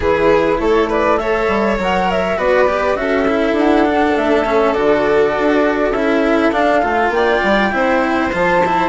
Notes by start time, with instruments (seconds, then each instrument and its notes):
0.00 bassoon E3, cello E4, violin G#4, flute B4
0.59 bassoon A3, violin A4, flute C#5
0.89 violin B4, flute D5
1.17 cello A4, violin C#5, flute E5
1.48 bassoon G3
1.78 bassoon F#3, cello A#4, flute F#5
2.11 flute E5
2.36 bassoon B3, cello F#4, violin B4, flute D5
2.67 cello G4
2.95 bassoon C#4, cello F#4, violin A4, flute E5
3.27 cello E4
3.52 bassoon D4, flute F#5
3.86 cello D4
4.16 bassoon A3, flute E5
4.45 cello C#4
4.73 bassoon D3, cello F#4, flute D5
5.38 bassoon D4
5.90 bassoon C#4, cello E4, flute E5
6.52 cello D4, bassoon D4, flute F5
6.82 bassoon A3, cello F4
7.09 bassoon A#3, violin D5, flute G5
7.43 bassoon G3
7.71 bassoon C4, cello E4, violin C5
8.32 bassoon F3, cello F4, flute A5
8.65 cello E4